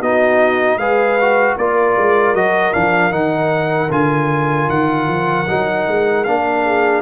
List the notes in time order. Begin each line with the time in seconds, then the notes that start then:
0.00 B3 D#4 F#4 D#5
0.76 G#3 G#4 B4 F5
1.20 F#4
1.57 A#3 F4 A#4 D5
1.97 G#3
2.34 F#3 F#4 D#5
2.73 F3 D4 F5
3.10 D#3 D#4 F#5
3.90 D3 F4 G#5
4.69 D#3 F#5
5.07 F3
5.47 F#3 D#4
5.87 G#3
6.24 A#3 D4 F5
6.64 G#4